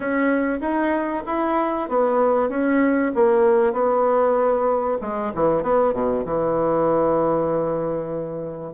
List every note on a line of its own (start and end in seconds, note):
0.00 0.59 C#4
0.61 1.23 D#4
1.26 1.88 E4
1.89 2.49 B3
2.49 3.11 C#4
3.14 3.72 A#3
3.72 4.97 B3
5.01 5.32 G#3
5.34 5.62 E3
5.62 5.93 B3
5.93 6.24 B2
6.24 8.73 E3